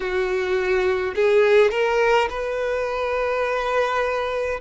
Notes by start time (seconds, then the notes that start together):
0.00 F#4
1.15 G#4
1.70 A#4
2.29 B4